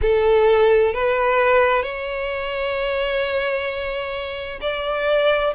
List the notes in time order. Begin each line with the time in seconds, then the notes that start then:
0.01 A4
0.94 B4
1.82 C#5
4.61 D5